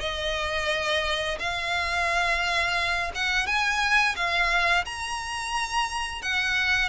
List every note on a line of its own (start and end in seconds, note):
0.00 1.38 D#5
1.39 3.12 F5
3.15 3.46 F#5
3.46 4.15 G#5
4.16 4.85 F5
4.85 6.22 A#5
6.22 6.89 F#5